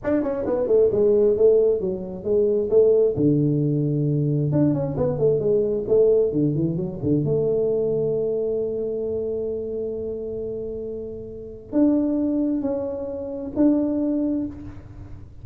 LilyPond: \new Staff \with { instrumentName = "tuba" } { \time 4/4 \tempo 4 = 133 d'8 cis'8 b8 a8 gis4 a4 | fis4 gis4 a4 d4~ | d2 d'8 cis'8 b8 a8 | gis4 a4 d8 e8 fis8 d8 |
a1~ | a1~ | a2 d'2 | cis'2 d'2 | }